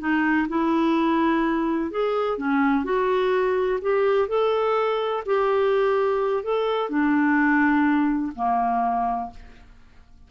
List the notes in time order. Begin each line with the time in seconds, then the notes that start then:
0.00 D#4
0.49 E4
1.91 G#4
2.38 C#4
2.85 F#4
3.82 G4
4.29 A4
5.26 G4
6.44 A4
6.90 D4
8.36 A#3